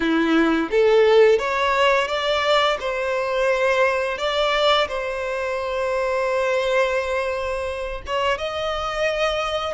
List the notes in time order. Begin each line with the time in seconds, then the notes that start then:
0.00 E4
0.70 A4
1.38 C#5
2.07 D5
2.79 C5
4.18 D5
4.87 C5
8.06 C#5
8.38 D#5